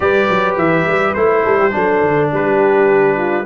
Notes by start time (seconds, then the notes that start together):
0.00 G3 G4 B4 D5
0.29 F#3
0.57 E3 E5
0.86 G3
1.14 A3 E4 C5
1.43 G3 A4
1.59 G4
1.71 F#3 D4 A4
2.01 D3
2.33 G3 G4 B4
3.16 F4